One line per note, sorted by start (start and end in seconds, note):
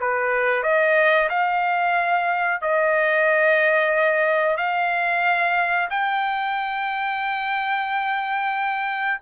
0.00 0.63 B4
0.63 1.29 D#5
1.29 2.61 F5
2.61 4.57 D#5
4.57 5.89 F5
5.90 9.20 G5